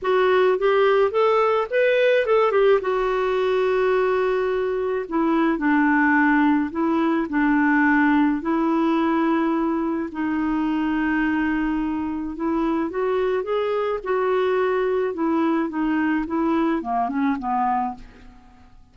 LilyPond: \new Staff \with { instrumentName = "clarinet" } { \time 4/4 \tempo 4 = 107 fis'4 g'4 a'4 b'4 | a'8 g'8 fis'2.~ | fis'4 e'4 d'2 | e'4 d'2 e'4~ |
e'2 dis'2~ | dis'2 e'4 fis'4 | gis'4 fis'2 e'4 | dis'4 e'4 ais8 cis'8 b4 | }